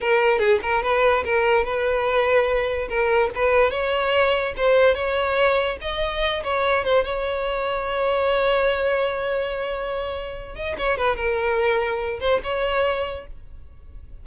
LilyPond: \new Staff \with { instrumentName = "violin" } { \time 4/4 \tempo 4 = 145 ais'4 gis'8 ais'8 b'4 ais'4 | b'2. ais'4 | b'4 cis''2 c''4 | cis''2 dis''4. cis''8~ |
cis''8 c''8 cis''2.~ | cis''1~ | cis''4. dis''8 cis''8 b'8 ais'4~ | ais'4. c''8 cis''2 | }